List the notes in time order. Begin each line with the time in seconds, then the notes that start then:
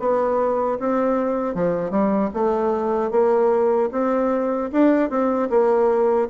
0.00 B3
0.80 C4
1.55 F3
1.91 G3
2.34 A3
3.11 A#3
3.92 C4
4.73 D4
5.10 C4
5.50 A#3